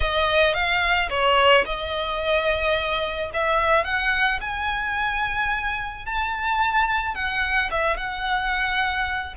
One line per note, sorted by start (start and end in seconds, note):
0.00 0.54 D#5
0.54 1.09 F5
1.09 1.64 C#5
1.65 3.30 D#5
3.33 3.84 E5
3.84 4.39 F#5
4.41 6.05 G#5
6.05 7.14 A5
7.14 7.69 F#5
7.70 7.96 E5
7.96 9.34 F#5